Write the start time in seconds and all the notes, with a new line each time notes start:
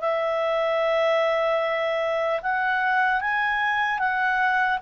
0.00 E5
2.42 F#5
3.20 G#5
3.99 F#5